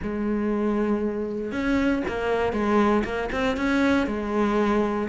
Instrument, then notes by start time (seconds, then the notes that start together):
cello
0.02 G#3
1.52 C#4
2.08 A#3
2.52 G#3
3.04 A#3
3.32 C4
3.57 C#4
4.06 G#3